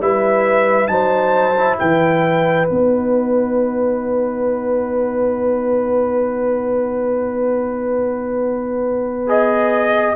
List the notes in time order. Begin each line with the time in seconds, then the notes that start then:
0.00 G3 E4 B4 E5
0.88 F#3 D#4 C5 A5
1.58 E4
1.79 E3 B4 G5
2.66 B3 D#4 F#5
9.27 G#4 D#5